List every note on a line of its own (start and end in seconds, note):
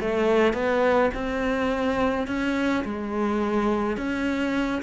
0.00 0.54 A3
0.54 1.10 B3
1.14 2.27 C4
2.27 2.84 C#4
2.85 3.97 G#3
3.97 4.82 C#4